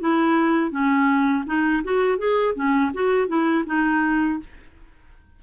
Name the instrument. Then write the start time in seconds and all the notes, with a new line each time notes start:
clarinet
0.00 E4
0.71 C#4
1.46 D#4
1.84 F#4
2.18 G#4
2.55 C#4
2.94 F#4
3.28 E4
3.66 D#4